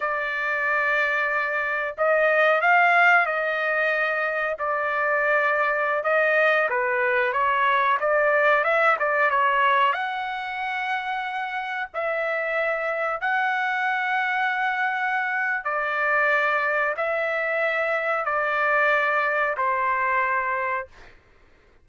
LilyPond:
\new Staff \with { instrumentName = "trumpet" } { \time 4/4 \tempo 4 = 92 d''2. dis''4 | f''4 dis''2 d''4~ | d''4~ d''16 dis''4 b'4 cis''8.~ | cis''16 d''4 e''8 d''8 cis''4 fis''8.~ |
fis''2~ fis''16 e''4.~ e''16~ | e''16 fis''2.~ fis''8. | d''2 e''2 | d''2 c''2 | }